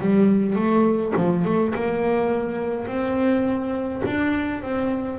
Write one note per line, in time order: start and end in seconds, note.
0.00 0.56 G3
0.56 1.13 A3
1.16 1.45 F3
1.45 1.74 A3
1.75 2.87 A#3
2.87 4.03 C4
4.06 4.62 D4
4.62 5.19 C4